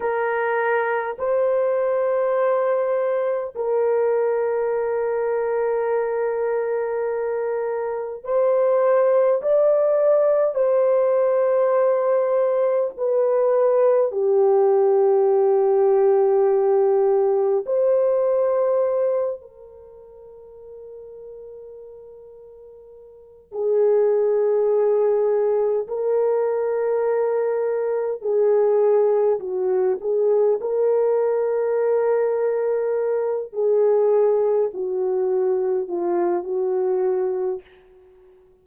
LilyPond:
\new Staff \with { instrumentName = "horn" } { \time 4/4 \tempo 4 = 51 ais'4 c''2 ais'4~ | ais'2. c''4 | d''4 c''2 b'4 | g'2. c''4~ |
c''8 ais'2.~ ais'8 | gis'2 ais'2 | gis'4 fis'8 gis'8 ais'2~ | ais'8 gis'4 fis'4 f'8 fis'4 | }